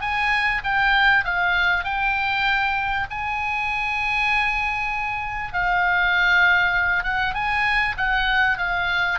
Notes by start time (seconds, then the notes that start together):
0.00 G#5
0.64 G5
1.24 F5
1.84 G5
3.10 G#5
5.53 F5
7.03 F#5
7.34 G#5
7.97 F#5
8.57 F5